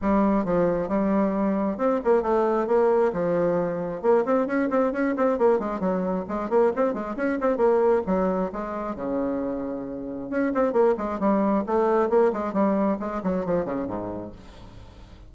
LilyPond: \new Staff \with { instrumentName = "bassoon" } { \time 4/4 \tempo 4 = 134 g4 f4 g2 | c'8 ais8 a4 ais4 f4~ | f4 ais8 c'8 cis'8 c'8 cis'8 c'8 | ais8 gis8 fis4 gis8 ais8 c'8 gis8 |
cis'8 c'8 ais4 fis4 gis4 | cis2. cis'8 c'8 | ais8 gis8 g4 a4 ais8 gis8 | g4 gis8 fis8 f8 cis8 gis,4 | }